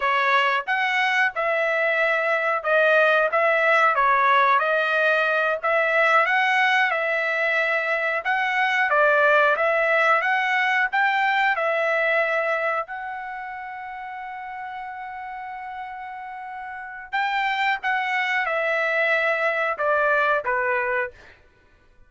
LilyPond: \new Staff \with { instrumentName = "trumpet" } { \time 4/4 \tempo 4 = 91 cis''4 fis''4 e''2 | dis''4 e''4 cis''4 dis''4~ | dis''8 e''4 fis''4 e''4.~ | e''8 fis''4 d''4 e''4 fis''8~ |
fis''8 g''4 e''2 fis''8~ | fis''1~ | fis''2 g''4 fis''4 | e''2 d''4 b'4 | }